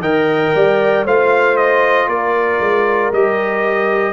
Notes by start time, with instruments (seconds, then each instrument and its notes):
0.00 tuba D#3, trombone A#4, horn D#5, trumpet G5
0.55 tuba G3, horn D5
1.05 tuba A3, trombone F4, horn C5, trumpet F5
1.57 trumpet D#5
2.08 tuba A#3, horn A#4, trumpet D5
2.60 tuba G#3
3.12 tuba G3, trombone G4, trumpet D#5